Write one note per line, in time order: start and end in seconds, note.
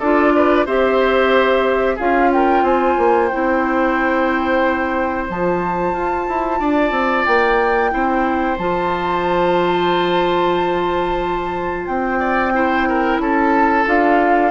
0.00 0.67 D4
0.00 0.66 F4
0.00 0.33 A4
0.00 0.66 D5
0.36 0.66 B4
0.66 1.99 C4
0.66 1.98 G4
0.66 1.96 C5
0.66 1.99 E5
1.96 2.63 C#4
1.96 3.31 F4
1.96 2.29 G#4
1.96 2.32 F5
2.33 2.64 A#4
2.33 2.65 G5
2.63 2.96 C4
2.63 6.60 C5
2.63 3.28 G#5
2.98 3.31 A#3
3.28 5.30 E4
3.28 5.26 G5
3.34 5.30 C4
5.30 5.93 F3
5.30 7.91 F4
5.30 7.26 A5
5.93 6.26 F4
6.29 6.60 E4
6.60 6.92 D4
6.60 7.92 D5
6.92 7.25 C4
7.26 7.93 A#3
7.26 8.58 G5
7.91 8.59 C4
7.91 8.57 E4
7.91 12.20 C5
8.58 11.88 F3
8.58 12.54 F4
8.58 11.87 A5
11.87 13.19 C4
11.87 13.19 G5
12.20 12.53 D5
12.54 13.86 E4
12.54 12.88 C5
12.89 13.22 A#4
13.19 13.85 C#4
13.19 14.52 A4
13.19 13.87 A5
13.86 14.52 D4
13.86 14.52 F4
13.86 14.52 F5